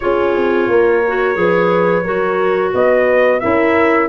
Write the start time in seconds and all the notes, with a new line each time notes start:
0.00 C#4 F4 G#4 C#5
0.35 C4
0.68 A#3 A#4
1.07 F#4
1.34 F3 G#4 B4
2.03 F#3 F#4 A#4
2.73 B3 B4 D#5
3.40 C#4 E4 A#4 E5